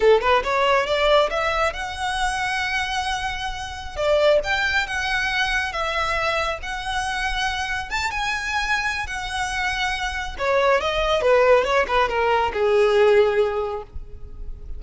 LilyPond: \new Staff \with { instrumentName = "violin" } { \time 4/4 \tempo 4 = 139 a'8 b'8 cis''4 d''4 e''4 | fis''1~ | fis''4~ fis''16 d''4 g''4 fis''8.~ | fis''4~ fis''16 e''2 fis''8.~ |
fis''2~ fis''16 a''8 gis''4~ gis''16~ | gis''4 fis''2. | cis''4 dis''4 b'4 cis''8 b'8 | ais'4 gis'2. | }